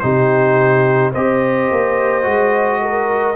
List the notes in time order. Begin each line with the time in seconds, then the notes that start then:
0.00 C3 D#4 G4 C5
1.13 C4 G4 C5 D#5
1.72 A#3
2.23 G#3 F#4
2.82 A#4